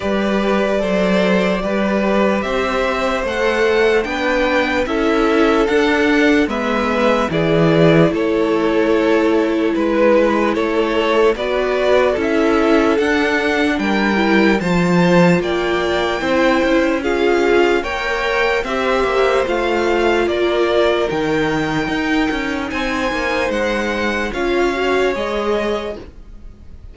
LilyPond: <<
  \new Staff \with { instrumentName = "violin" } { \time 4/4 \tempo 4 = 74 d''2. e''4 | fis''4 g''4 e''4 fis''4 | e''4 d''4 cis''2 | b'4 cis''4 d''4 e''4 |
fis''4 g''4 a''4 g''4~ | g''4 f''4 g''4 e''4 | f''4 d''4 g''2 | gis''4 fis''4 f''4 dis''4 | }
  \new Staff \with { instrumentName = "violin" } { \time 4/4 b'4 c''4 b'4 c''4~ | c''4 b'4 a'2 | b'4 gis'4 a'2 | b'4 a'4 b'4 a'4~ |
a'4 ais'4 c''4 d''4 | c''4 gis'4 cis''4 c''4~ | c''4 ais'2. | c''2 cis''2 | }
  \new Staff \with { instrumentName = "viola" } { \time 4/4 g'4 a'4 g'2 | a'4 d'4 e'4 d'4 | b4 e'2.~ | e'2 fis'4 e'4 |
d'4. e'8 f'2 | e'4 f'4 ais'4 g'4 | f'2 dis'2~ | dis'2 f'8 fis'8 gis'4 | }
  \new Staff \with { instrumentName = "cello" } { \time 4/4 g4 fis4 g4 c'4 | a4 b4 cis'4 d'4 | gis4 e4 a2 | gis4 a4 b4 cis'4 |
d'4 g4 f4 ais4 | c'8 cis'4. ais4 c'8 ais8 | a4 ais4 dis4 dis'8 cis'8 | c'8 ais8 gis4 cis'4 gis4 | }
>>